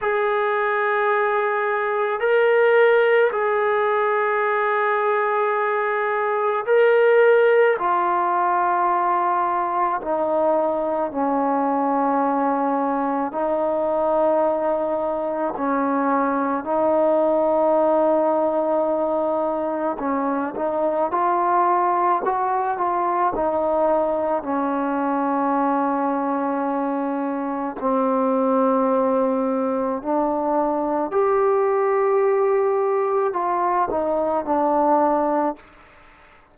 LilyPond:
\new Staff \with { instrumentName = "trombone" } { \time 4/4 \tempo 4 = 54 gis'2 ais'4 gis'4~ | gis'2 ais'4 f'4~ | f'4 dis'4 cis'2 | dis'2 cis'4 dis'4~ |
dis'2 cis'8 dis'8 f'4 | fis'8 f'8 dis'4 cis'2~ | cis'4 c'2 d'4 | g'2 f'8 dis'8 d'4 | }